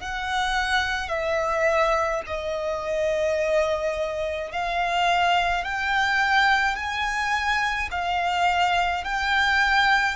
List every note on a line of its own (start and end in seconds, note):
0.00 1.09 F#5
1.09 2.22 E5
2.26 4.52 D#5
4.52 5.64 F5
5.64 6.76 G5
6.76 7.89 G#5
7.91 9.04 F5
9.04 10.16 G5